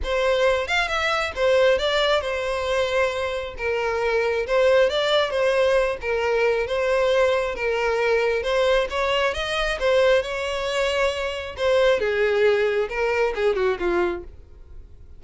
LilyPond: \new Staff \with { instrumentName = "violin" } { \time 4/4 \tempo 4 = 135 c''4. f''8 e''4 c''4 | d''4 c''2. | ais'2 c''4 d''4 | c''4. ais'4. c''4~ |
c''4 ais'2 c''4 | cis''4 dis''4 c''4 cis''4~ | cis''2 c''4 gis'4~ | gis'4 ais'4 gis'8 fis'8 f'4 | }